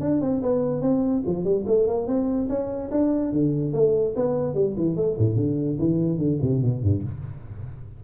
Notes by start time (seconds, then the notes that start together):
0.00 D4
0.21 C4
0.42 B3
0.81 C4
1.26 F3
1.44 G3
1.66 A3
1.87 A#3
2.07 C4
2.49 C#4
2.91 D4
3.32 D3
3.73 A3
4.16 B3
4.54 G3
4.77 E3
4.96 A3
5.18 A2
5.36 D3
5.78 E3
6.17 D3
6.41 C3
6.62 B2
6.82 G2